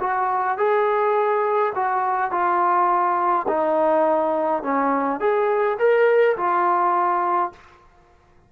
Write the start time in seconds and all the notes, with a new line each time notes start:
0.00 F#4
0.58 G#4
1.75 F#4
2.31 F4
3.48 D#4
4.63 C#4
5.20 G#4
5.79 A#4
6.37 F4